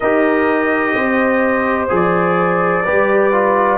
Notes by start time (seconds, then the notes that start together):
0.00 D#4 G4 A#4 D#5
0.94 C4 C5
1.88 F3 G#4
1.95 D5
2.84 G3 G4 B4
3.32 F4